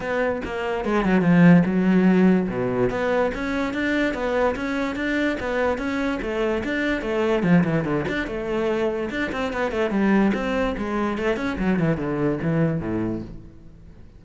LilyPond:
\new Staff \with { instrumentName = "cello" } { \time 4/4 \tempo 4 = 145 b4 ais4 gis8 fis8 f4 | fis2 b,4 b4 | cis'4 d'4 b4 cis'4 | d'4 b4 cis'4 a4 |
d'4 a4 f8 e8 d8 d'8 | a2 d'8 c'8 b8 a8 | g4 c'4 gis4 a8 cis'8 | fis8 e8 d4 e4 a,4 | }